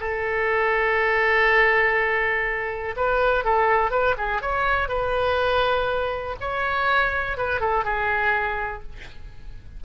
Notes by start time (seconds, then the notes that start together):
0.00 A4
2.96 B4
3.44 A4
3.91 B4
4.18 G#4
4.42 C#5
4.88 B4
6.40 C#5
7.37 B4
7.61 A4
7.84 G#4